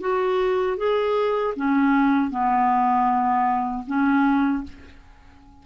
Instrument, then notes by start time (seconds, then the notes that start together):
clarinet
0.00 F#4
0.77 G#4
1.56 C#4
2.30 B3
3.86 C#4